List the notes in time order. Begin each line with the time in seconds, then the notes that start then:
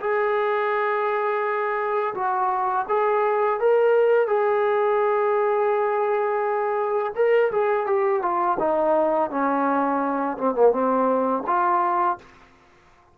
0.00 G#4
2.14 F#4
2.89 G#4
3.60 A#4
4.27 G#4
7.16 A#4
7.52 G#4
7.86 G4
8.22 F4
8.59 D#4
9.31 C#4
10.38 C4
10.55 A#3
10.72 C4
11.47 F4